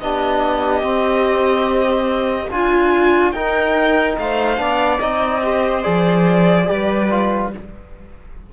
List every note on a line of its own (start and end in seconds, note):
0.00 0.82 B3
0.00 0.82 D4
0.00 2.53 G4
0.00 2.50 D#5
0.82 2.49 C4
2.50 3.34 D4
2.50 3.33 F4
2.50 3.34 F4
2.50 3.31 G#5
3.31 4.17 D#4
3.31 4.57 D#4
3.31 4.17 A#4
3.31 4.15 G5
4.18 4.58 A3
4.18 4.61 C5
4.18 5.00 F5
4.57 4.99 B3
4.57 4.98 D4
4.57 5.44 D5
5.00 5.84 C4
5.00 5.42 D#4
5.00 5.82 D#5
5.42 5.83 G4
5.42 6.69 C5
5.82 6.69 F3
5.82 6.65 G#4
5.82 7.49 D5
6.65 7.53 G3
6.65 7.07 G4
6.65 7.52 B4
7.10 7.52 F4